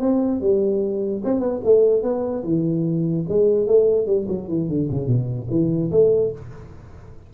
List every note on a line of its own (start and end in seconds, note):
0.00 0.41 C4
0.41 1.22 G3
1.25 1.40 C4
1.40 1.60 B3
1.64 2.03 A3
2.03 2.44 B3
2.44 3.25 E3
3.29 3.67 G#3
3.67 4.07 A3
4.07 4.27 G3
4.28 4.48 F#3
4.48 4.69 E3
4.69 4.89 D3
4.91 5.07 C#3
5.07 5.48 B2
5.50 5.91 E3
5.92 6.32 A3